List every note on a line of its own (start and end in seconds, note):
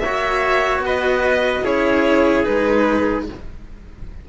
0.00 0.79 A#3
0.00 1.64 F#4
0.00 0.85 C#5
0.00 0.81 E5
0.79 1.60 B3
0.86 1.65 B4
0.86 1.66 D#5
1.64 2.46 C#4
1.64 2.44 E4
1.64 3.27 G#4
1.64 2.45 C#5
2.44 3.30 G#3
2.44 3.25 D#4
2.44 3.26 B4